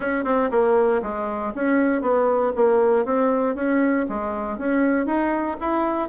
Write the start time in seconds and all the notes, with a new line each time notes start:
0.00 C#4
0.24 C4
0.50 A#3
1.02 G#3
1.54 C#4
2.01 B3
2.55 A#3
3.05 C4
3.55 C#4
4.09 G#3
4.58 C#4
5.06 D#4
5.60 E4